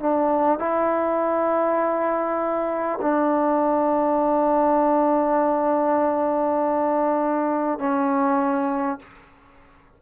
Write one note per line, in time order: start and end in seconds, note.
0.00 0.59 D4
0.59 2.99 E4
3.02 7.79 D4
7.79 8.99 C#4